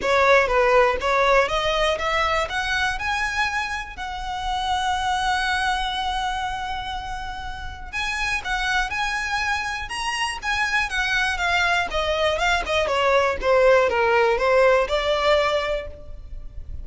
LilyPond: \new Staff \with { instrumentName = "violin" } { \time 4/4 \tempo 4 = 121 cis''4 b'4 cis''4 dis''4 | e''4 fis''4 gis''2 | fis''1~ | fis''1 |
gis''4 fis''4 gis''2 | ais''4 gis''4 fis''4 f''4 | dis''4 f''8 dis''8 cis''4 c''4 | ais'4 c''4 d''2 | }